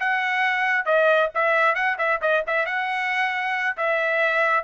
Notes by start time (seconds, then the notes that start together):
0.00 F#5
0.85 D#5
1.35 E5
1.75 F#5
1.98 E5
2.21 D#5
2.47 E5
2.66 F#5
3.77 E5